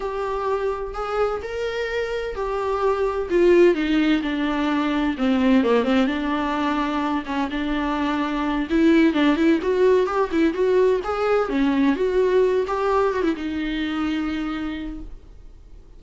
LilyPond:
\new Staff \with { instrumentName = "viola" } { \time 4/4 \tempo 4 = 128 g'2 gis'4 ais'4~ | ais'4 g'2 f'4 | dis'4 d'2 c'4 | ais8 c'8 d'2~ d'8 cis'8 |
d'2~ d'8 e'4 d'8 | e'8 fis'4 g'8 e'8 fis'4 gis'8~ | gis'8 cis'4 fis'4. g'4 | fis'16 e'16 dis'2.~ dis'8 | }